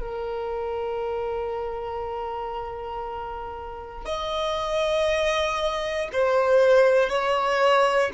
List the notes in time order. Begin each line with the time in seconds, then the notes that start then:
0.00 A#4
4.05 D#5
6.12 C5
7.09 C#5